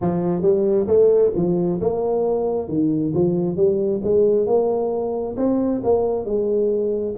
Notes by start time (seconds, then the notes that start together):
0.01 F3
0.42 G3
0.87 A3
1.35 F3
1.81 A#3
2.68 D#3
3.14 F3
3.56 G3
4.03 G#3
4.46 A#3
5.36 C4
5.83 A#3
6.25 G#3